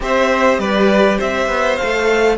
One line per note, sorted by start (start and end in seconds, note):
0.00 0.58 C4
0.00 1.77 G4
0.00 0.60 C5
0.00 0.59 E5
0.58 1.18 G3
0.58 1.17 B4
0.58 1.18 D5
1.17 1.48 C4
1.17 2.36 C5
1.17 1.76 E5
1.48 1.77 B3
1.76 2.37 A4
1.76 2.36 F5
1.83 2.37 A3